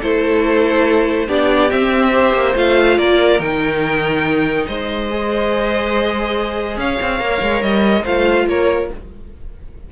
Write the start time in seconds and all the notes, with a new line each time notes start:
0.00 A3 E4 A4 C5
1.27 B3 D4 G4 D5
1.69 C4 E5
2.11 G4 C5
2.33 A#3
2.55 A3 F4 F5
2.97 A#3 A#4 D5
3.39 D#3 D#4 G5
4.67 G#3 C5 D#5
5.10 G#4
6.77 C#4 C#5 F5
7.01 C4
7.19 A#3 A#4
7.42 G#3
7.62 G3 D#5
8.03 A3 F4 C5 F5
8.47 A#3 A#4 C#5